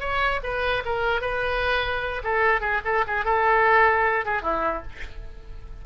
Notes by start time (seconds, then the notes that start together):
0.00 C#5
0.43 B4
0.85 A#4
1.21 B4
2.23 A4
2.61 G#4
2.85 A4
3.07 G#4
3.25 A4
4.25 G#4
4.42 E4